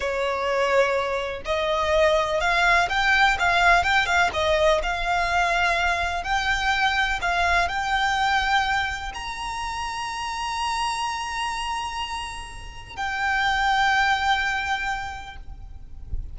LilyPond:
\new Staff \with { instrumentName = "violin" } { \time 4/4 \tempo 4 = 125 cis''2. dis''4~ | dis''4 f''4 g''4 f''4 | g''8 f''8 dis''4 f''2~ | f''4 g''2 f''4 |
g''2. ais''4~ | ais''1~ | ais''2. g''4~ | g''1 | }